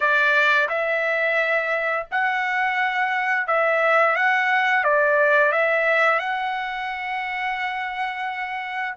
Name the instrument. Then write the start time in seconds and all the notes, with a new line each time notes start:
trumpet
0.00 D5
0.69 E5
2.11 F#5
3.47 E5
4.16 F#5
4.83 D5
5.52 E5
6.19 F#5